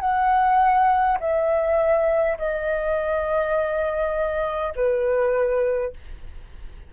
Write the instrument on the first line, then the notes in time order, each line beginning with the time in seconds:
flute
0.00 F#5
1.20 E5
2.38 D#5
4.75 B4